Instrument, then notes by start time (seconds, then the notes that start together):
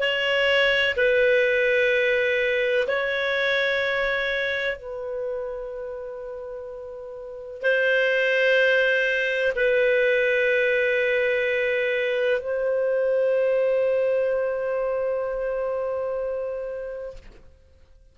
clarinet
0.00 C#5
0.97 B4
2.88 C#5
4.77 B4
7.62 C5
9.56 B4
12.41 C5